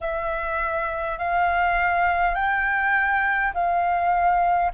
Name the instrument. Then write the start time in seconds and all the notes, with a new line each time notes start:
flute
0.01 E5
1.18 F5
2.35 G5
3.53 F5